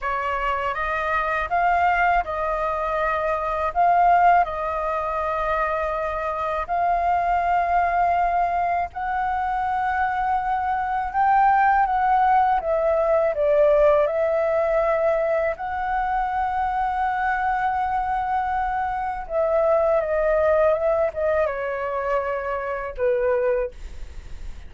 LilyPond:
\new Staff \with { instrumentName = "flute" } { \time 4/4 \tempo 4 = 81 cis''4 dis''4 f''4 dis''4~ | dis''4 f''4 dis''2~ | dis''4 f''2. | fis''2. g''4 |
fis''4 e''4 d''4 e''4~ | e''4 fis''2.~ | fis''2 e''4 dis''4 | e''8 dis''8 cis''2 b'4 | }